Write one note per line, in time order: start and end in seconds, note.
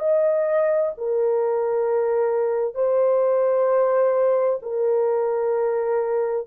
0.00 0.92 D#5
0.98 2.75 A#4
2.75 4.60 C5
4.62 6.47 A#4